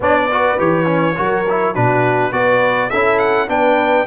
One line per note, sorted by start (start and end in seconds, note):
0.00 0.58 B3
0.00 0.30 D4
0.00 0.29 C#5
0.00 0.59 D5
0.31 0.58 F#4
0.31 1.17 B4
0.58 1.17 E3
0.58 0.85 G4
0.58 1.74 C#5
0.85 1.14 C#4
1.15 1.76 F#3
1.15 1.45 F#4
1.15 1.74 A#4
1.49 1.74 E4
1.74 2.32 B2
1.74 2.32 D4
1.74 2.32 F#4
1.74 2.32 B4
2.32 2.90 B3
2.32 2.90 F#4
2.32 2.89 B4
2.32 2.90 D5
2.89 3.48 C#4
2.89 3.48 E4
2.89 3.48 A4
2.89 3.18 E5
3.18 3.48 F#5
3.48 4.06 B3
3.48 4.06 D4
3.48 4.06 B4
3.48 4.06 G5